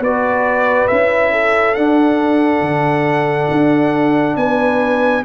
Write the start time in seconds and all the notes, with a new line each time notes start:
0.00 B3 F#4 B4 D5
0.88 C#4 E4 E5
1.33 A4
1.75 D4 F#5
2.62 D3
3.51 D4
4.37 B3 B4 G#5